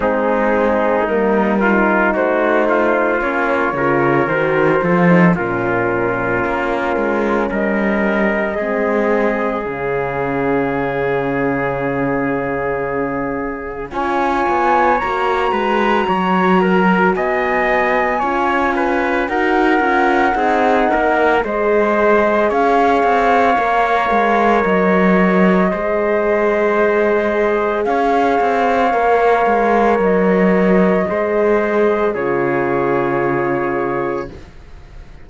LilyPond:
<<
  \new Staff \with { instrumentName = "flute" } { \time 4/4 \tempo 4 = 56 gis'4 ais'4 c''4 cis''4 | c''4 ais'2 dis''4~ | dis''4 f''2.~ | f''4 gis''4 ais''2 |
gis''2 fis''2 | dis''4 f''2 dis''4~ | dis''2 f''2 | dis''2 cis''2 | }
  \new Staff \with { instrumentName = "trumpet" } { \time 4/4 dis'4. f'8 fis'8 f'4 ais'8~ | ais'8 a'8 f'2 ais'4 | gis'1~ | gis'4 cis''4. b'8 cis''8 ais'8 |
dis''4 cis''8 b'8 ais'4 gis'8 ais'8 | c''4 cis''2. | c''2 cis''2~ | cis''4 c''4 gis'2 | }
  \new Staff \with { instrumentName = "horn" } { \time 4/4 c'4 ais8 dis'4. cis'8 f'8 | fis'8 f'16 dis'16 cis'2. | c'4 cis'2.~ | cis'4 f'4 fis'2~ |
fis'4 f'4 fis'8 f'8 dis'4 | gis'2 ais'2 | gis'2. ais'4~ | ais'4 gis'4 f'2 | }
  \new Staff \with { instrumentName = "cello" } { \time 4/4 gis4 g4 a4 ais8 cis8 | dis8 f8 ais,4 ais8 gis8 g4 | gis4 cis2.~ | cis4 cis'8 b8 ais8 gis8 fis4 |
b4 cis'4 dis'8 cis'8 c'8 ais8 | gis4 cis'8 c'8 ais8 gis8 fis4 | gis2 cis'8 c'8 ais8 gis8 | fis4 gis4 cis2 | }
>>